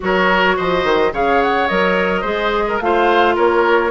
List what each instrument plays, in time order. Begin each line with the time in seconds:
0.00 bassoon F#3, clarinet F#4, oboe A#4, flute C#5
0.56 bassoon F3, oboe C5, flute D#5
0.83 bassoon D#3
1.12 bassoon C#3, clarinet G#4, oboe C#5, flute F5
1.41 flute F#5
1.67 bassoon F#3, clarinet A#4, flute D#5
2.21 bassoon G#3, clarinet G#4, oboe C5
2.68 oboe A#4
2.80 bassoon A3, clarinet F4, oboe C5, flute F5
3.35 bassoon A#3, oboe A#4, flute C#5